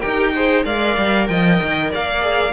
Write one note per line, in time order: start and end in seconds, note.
0.00 0.65 D#4
0.00 0.34 G4
0.00 0.32 A#4
0.00 0.63 G5
0.35 0.64 G#4
0.35 0.65 C5
0.64 0.96 G#3
0.64 2.21 A#4
0.64 1.28 D5
0.64 1.27 F5
0.97 1.29 G3
1.27 1.60 F3
1.27 1.91 D#5
1.27 1.90 G5
1.62 1.93 D#3
1.91 2.53 A#3
1.91 2.53 D5
1.91 2.53 F5
2.21 2.52 G#4